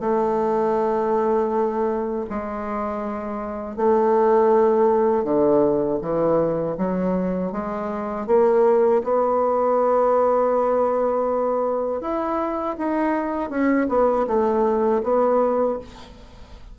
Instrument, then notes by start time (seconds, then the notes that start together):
bassoon
0.00 A3
2.29 G#3
3.76 A3
5.24 D3
6.01 E3
6.77 F#3
7.52 G#3
8.27 A#3
9.04 B3
12.01 E4
12.78 D#4
13.50 C#4
13.89 B3
14.27 A3
15.03 B3